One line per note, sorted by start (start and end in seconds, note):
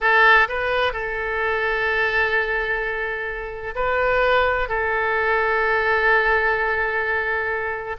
0.01 0.48 A4
0.48 0.93 B4
0.93 3.74 A4
3.75 4.69 B4
4.69 7.97 A4